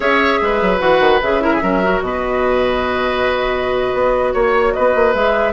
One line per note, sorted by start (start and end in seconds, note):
0.00 0.40 C#4
0.00 0.78 G#4
0.00 0.39 C#5
0.00 0.79 E5
0.41 0.61 G#3
0.41 1.43 B4
0.61 0.80 F#3
0.78 1.00 E3
0.78 1.19 F#4
0.78 1.19 F#5
1.00 1.20 D#3
1.21 1.61 C#3
1.21 1.40 G#4
1.21 2.02 E5
1.40 1.60 E4
1.40 1.53 A#4
1.53 1.62 G#4
1.62 2.01 F#3
1.62 1.82 C#4
1.62 2.02 A#4
1.82 5.14 F#4
2.01 3.92 B2
2.01 4.33 B4
2.01 4.34 D#5
3.93 4.33 B3
4.33 4.74 A#3
4.33 4.73 C#5
4.73 4.94 B3
4.73 5.52 B4
4.73 5.13 D#5
4.94 5.14 A#3
5.14 5.52 G#3
5.14 5.52 G#4
5.14 5.52 E5